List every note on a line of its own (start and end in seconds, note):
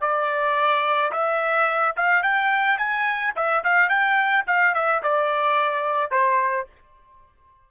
0.00 1.11 D5
1.12 1.95 E5
1.96 2.23 F5
2.23 2.78 G5
2.78 3.33 G#5
3.36 3.63 E5
3.64 3.89 F5
3.89 4.44 G5
4.47 4.74 F5
4.74 5.02 E5
5.03 6.11 D5
6.11 6.66 C5